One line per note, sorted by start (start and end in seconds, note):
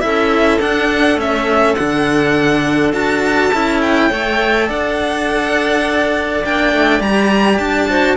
0.00 0.61 C#4
0.00 0.58 E4
0.00 4.09 A4
0.00 0.59 E5
0.61 1.15 D4
0.61 1.18 D4
0.61 1.19 F#5
1.15 1.74 A3
1.15 1.76 C#4
1.15 1.75 E5
1.75 2.93 D3
1.75 2.93 D4
1.75 2.92 F#5
2.93 3.51 D4
2.93 3.51 F#4
2.93 3.81 A5
3.53 4.11 C#4
3.53 4.10 E4
3.81 4.69 G5
4.09 4.69 A3
4.09 6.43 A4
4.09 4.68 C#5
4.68 6.44 D4
4.68 7.88 D5
4.68 6.45 F#5
6.44 6.73 A#3
6.44 7.00 D4
6.44 7.02 G5
6.73 7.00 A3
7.00 7.58 G3
7.00 7.88 G4
7.00 7.58 A#5
7.58 8.17 D4
7.58 8.16 A5
7.88 8.17 F#4
7.88 8.17 C5